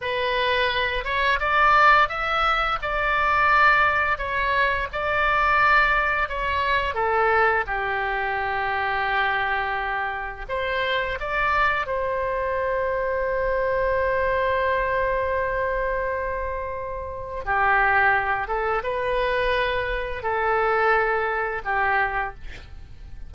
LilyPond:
\new Staff \with { instrumentName = "oboe" } { \time 4/4 \tempo 4 = 86 b'4. cis''8 d''4 e''4 | d''2 cis''4 d''4~ | d''4 cis''4 a'4 g'4~ | g'2. c''4 |
d''4 c''2.~ | c''1~ | c''4 g'4. a'8 b'4~ | b'4 a'2 g'4 | }